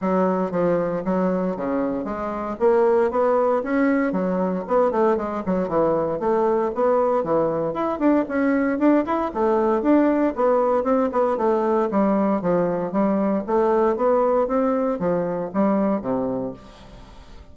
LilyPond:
\new Staff \with { instrumentName = "bassoon" } { \time 4/4 \tempo 4 = 116 fis4 f4 fis4 cis4 | gis4 ais4 b4 cis'4 | fis4 b8 a8 gis8 fis8 e4 | a4 b4 e4 e'8 d'8 |
cis'4 d'8 e'8 a4 d'4 | b4 c'8 b8 a4 g4 | f4 g4 a4 b4 | c'4 f4 g4 c4 | }